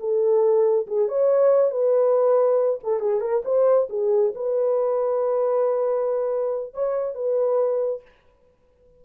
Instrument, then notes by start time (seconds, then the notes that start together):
horn
0.00 A4
0.87 G#4
1.08 C#5
1.72 B4
2.84 A4
3.00 G#4
3.21 A#4
3.45 C5
3.90 G#4
4.35 B4
6.74 C#5
7.15 B4